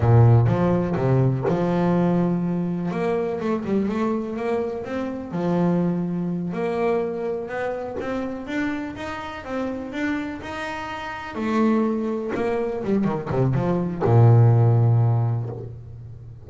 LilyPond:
\new Staff \with { instrumentName = "double bass" } { \time 4/4 \tempo 4 = 124 ais,4 f4 c4 f4~ | f2 ais4 a8 g8 | a4 ais4 c'4 f4~ | f4. ais2 b8~ |
b8 c'4 d'4 dis'4 c'8~ | c'8 d'4 dis'2 a8~ | a4. ais4 g8 dis8 c8 | f4 ais,2. | }